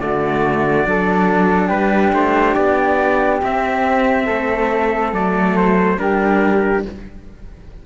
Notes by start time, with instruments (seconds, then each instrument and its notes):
0.00 cello D3 A3, flute F#4, trumpet D5
0.84 cello F#3 D4, flute A4
1.68 cello G3, flute G4, trumpet B4
2.13 cello A3, trumpet C5
2.55 cello B3, trumpet D5
3.42 cello C4, trumpet E5
4.25 cello A3, flute A4
5.12 cello F#3 A3, trumpet D5
5.57 trumpet C5
5.97 cello G3 D4, flute G4, trumpet A#4